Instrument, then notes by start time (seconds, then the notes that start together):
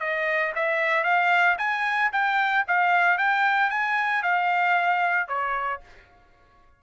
trumpet
0.00 D#5
0.56 E5
1.04 F5
1.58 G#5
2.12 G5
2.68 F5
3.18 G5
3.70 G#5
4.23 F5
5.28 C#5